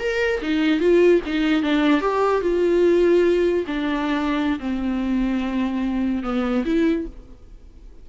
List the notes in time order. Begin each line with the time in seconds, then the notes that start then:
0.00 A#4
0.42 D#4
0.80 F4
1.26 D#4
1.63 D4
2.01 G4
2.42 F4
3.67 D4
4.60 C4
6.24 B3
6.66 E4